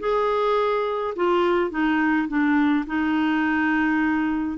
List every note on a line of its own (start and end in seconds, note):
0.00 1.14 G#4
1.16 1.71 F4
1.71 2.28 D#4
2.28 2.85 D4
2.87 4.58 D#4